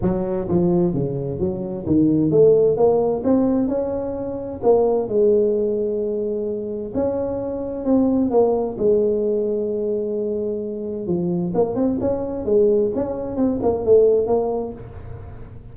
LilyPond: \new Staff \with { instrumentName = "tuba" } { \time 4/4 \tempo 4 = 130 fis4 f4 cis4 fis4 | dis4 a4 ais4 c'4 | cis'2 ais4 gis4~ | gis2. cis'4~ |
cis'4 c'4 ais4 gis4~ | gis1 | f4 ais8 c'8 cis'4 gis4 | cis'4 c'8 ais8 a4 ais4 | }